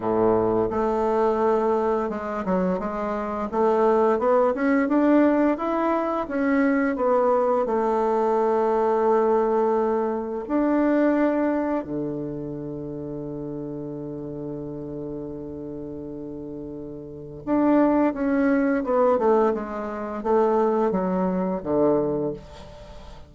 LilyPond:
\new Staff \with { instrumentName = "bassoon" } { \time 4/4 \tempo 4 = 86 a,4 a2 gis8 fis8 | gis4 a4 b8 cis'8 d'4 | e'4 cis'4 b4 a4~ | a2. d'4~ |
d'4 d2.~ | d1~ | d4 d'4 cis'4 b8 a8 | gis4 a4 fis4 d4 | }